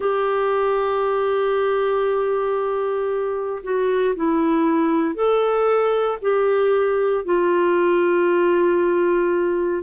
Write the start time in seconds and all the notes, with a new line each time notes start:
0.00 G4
3.63 F#4
4.15 E4
5.14 A4
6.21 G4
7.24 F4